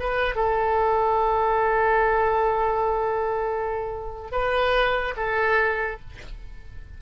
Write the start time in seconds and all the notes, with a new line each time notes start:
0.00 B4
0.36 A4
4.32 B4
5.17 A4